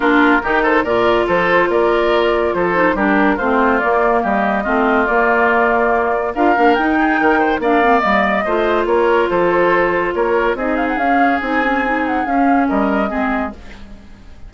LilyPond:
<<
  \new Staff \with { instrumentName = "flute" } { \time 4/4 \tempo 4 = 142 ais'4. c''8 d''4 c''4 | d''2 c''4 ais'4 | c''4 d''4 dis''2 | d''2. f''4 |
g''2 f''4 dis''4~ | dis''4 cis''4 c''2 | cis''4 dis''8 f''16 fis''16 f''4 gis''4~ | gis''8 fis''8 f''4 dis''2 | }
  \new Staff \with { instrumentName = "oboe" } { \time 4/4 f'4 g'8 a'8 ais'4 a'4 | ais'2 a'4 g'4 | f'2 g'4 f'4~ | f'2. ais'4~ |
ais'8 gis'8 ais'8 c''8 d''2 | c''4 ais'4 a'2 | ais'4 gis'2.~ | gis'2 ais'4 gis'4 | }
  \new Staff \with { instrumentName = "clarinet" } { \time 4/4 d'4 dis'4 f'2~ | f'2~ f'8 dis'8 d'4 | c'4 ais2 c'4 | ais2. f'8 d'8 |
dis'2 d'8 c'8 ais4 | f'1~ | f'4 dis'4 cis'4 dis'8 cis'8 | dis'4 cis'2 c'4 | }
  \new Staff \with { instrumentName = "bassoon" } { \time 4/4 ais4 dis4 ais,4 f4 | ais2 f4 g4 | a4 ais4 g4 a4 | ais2. d'8 ais8 |
dis'4 dis4 ais4 g4 | a4 ais4 f2 | ais4 c'4 cis'4 c'4~ | c'4 cis'4 g4 gis4 | }
>>